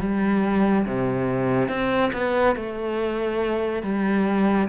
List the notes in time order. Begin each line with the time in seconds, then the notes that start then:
0.00 G3
0.86 C3
1.69 C4
2.13 B3
2.56 A3
3.83 G3